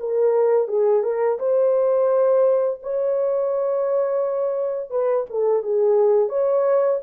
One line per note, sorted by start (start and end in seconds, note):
0.00 0.68 A#4
0.68 1.03 G#4
1.03 1.38 A#4
1.39 2.80 C5
2.83 4.91 C#5
4.91 5.26 B4
5.30 5.63 A4
5.63 6.29 G#4
6.29 7.00 C#5